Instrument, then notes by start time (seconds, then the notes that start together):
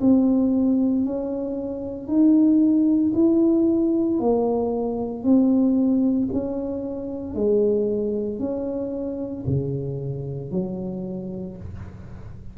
tuba
0.00 C4
1.05 C#4
2.07 D#4
3.14 E4
4.19 A#3
5.23 C4
6.32 C#4
7.34 G#3
8.39 C#4
9.46 C#3
10.51 F#3